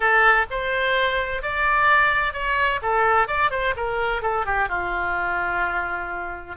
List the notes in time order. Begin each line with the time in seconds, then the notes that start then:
0.00 A4
0.50 C5
1.42 D5
2.33 C#5
2.81 A4
3.27 D5
3.50 C5
3.76 A#4
4.22 A4
4.45 G4
4.68 F4